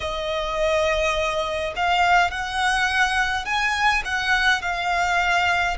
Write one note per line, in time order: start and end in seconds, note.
0.00 1.73 D#5
1.76 2.30 F5
2.30 3.45 F#5
3.45 4.02 G#5
4.04 4.62 F#5
4.62 5.77 F5